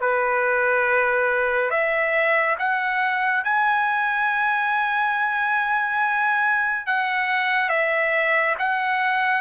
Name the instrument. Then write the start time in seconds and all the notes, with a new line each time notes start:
trumpet
0.00 B4
1.70 E5
2.59 F#5
3.44 G#5
6.86 F#5
7.69 E5
8.58 F#5